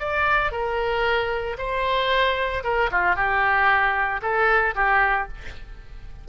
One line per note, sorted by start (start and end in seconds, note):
0.00 0.52 D5
0.52 1.57 A#4
1.58 2.64 C5
2.64 2.90 A#4
2.91 3.16 F4
3.16 4.21 G4
4.22 4.75 A4
4.76 5.28 G4